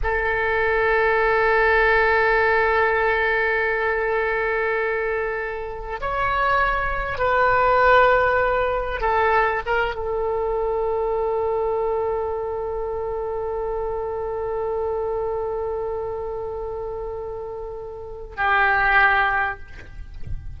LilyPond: \new Staff \with { instrumentName = "oboe" } { \time 4/4 \tempo 4 = 98 a'1~ | a'1~ | a'4.~ a'16 cis''2 b'16~ | b'2~ b'8. a'4 ais'16~ |
ais'16 a'2.~ a'8.~ | a'1~ | a'1~ | a'2 g'2 | }